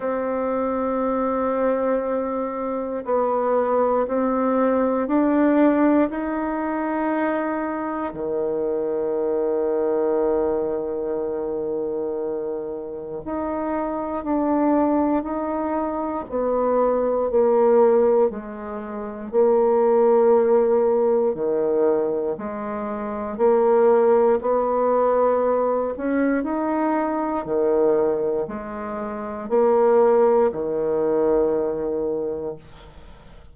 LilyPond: \new Staff \with { instrumentName = "bassoon" } { \time 4/4 \tempo 4 = 59 c'2. b4 | c'4 d'4 dis'2 | dis1~ | dis4 dis'4 d'4 dis'4 |
b4 ais4 gis4 ais4~ | ais4 dis4 gis4 ais4 | b4. cis'8 dis'4 dis4 | gis4 ais4 dis2 | }